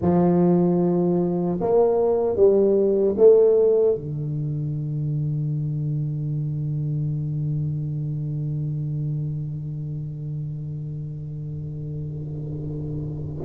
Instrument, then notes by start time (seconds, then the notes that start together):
tuba
0.01 F3
1.60 A#3
2.36 G3
3.17 A3
3.95 D3